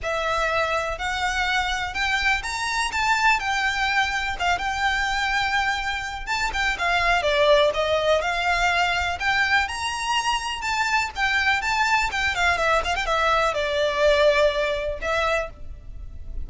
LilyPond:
\new Staff \with { instrumentName = "violin" } { \time 4/4 \tempo 4 = 124 e''2 fis''2 | g''4 ais''4 a''4 g''4~ | g''4 f''8 g''2~ g''8~ | g''4 a''8 g''8 f''4 d''4 |
dis''4 f''2 g''4 | ais''2 a''4 g''4 | a''4 g''8 f''8 e''8 f''16 g''16 e''4 | d''2. e''4 | }